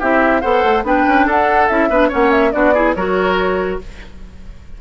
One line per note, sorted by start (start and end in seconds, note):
0.00 0.44 C4
0.00 0.43 E4
0.00 0.42 G4
0.00 0.41 E5
0.41 0.64 B3
0.41 0.85 A4
0.41 0.84 C5
0.41 0.83 F#5
0.64 0.84 A3
0.84 1.05 B3
0.84 1.69 D4
0.84 1.26 B4
0.84 1.28 G5
1.08 1.26 C#4
1.26 1.68 D4
1.26 1.89 A4
1.26 1.68 F#5
1.68 1.89 C#4
1.68 1.91 E4
1.68 2.10 E5
1.89 2.10 B3
1.89 2.10 D4
1.89 2.09 B4
2.09 2.54 A#3
2.09 2.52 C#4
2.09 2.51 C#5
2.09 2.31 F#5
2.31 2.52 E5
2.52 2.96 B3
2.52 2.73 D4
2.52 2.74 F#4
2.52 2.94 D5
2.74 2.96 E4
2.74 2.95 G#4
2.95 3.80 F#3
2.95 3.81 F#4
2.95 3.81 A#4
2.95 3.79 C#5